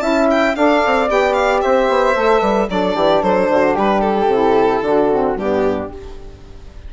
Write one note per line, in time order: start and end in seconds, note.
0.00 0.55 C#4
0.00 0.54 E4
0.00 0.56 E5
0.00 0.27 A5
0.31 0.56 G5
0.56 0.83 D4
0.56 1.08 A4
0.56 1.64 D5
0.56 1.10 F5
0.86 1.10 C4
1.08 1.64 B3
1.08 2.15 G4
1.08 1.34 G5
1.34 1.60 F5
1.62 1.89 C4
1.62 2.40 C5
1.62 2.69 E5
1.89 2.16 B3
2.15 2.42 A3
2.15 2.68 A4
2.40 2.68 G3
2.40 2.67 B4
2.68 2.96 F#3
2.68 4.29 D4
2.68 2.96 A4
2.68 3.23 D5
2.96 3.23 E3
2.96 3.22 G4
3.23 3.50 F#3
3.23 3.50 A4
3.23 3.77 C5
3.50 3.77 D3
3.50 3.75 F#4
3.75 4.27 G3
3.75 4.82 G4
3.75 4.01 B4
4.01 5.35 A4
4.27 4.81 C3
4.27 4.84 E4
4.82 5.35 D3
4.82 5.11 D4
4.82 5.39 F#4
5.12 5.39 C4
5.35 5.88 G2
5.35 5.92 B3
5.35 5.94 D4
5.35 5.93 G4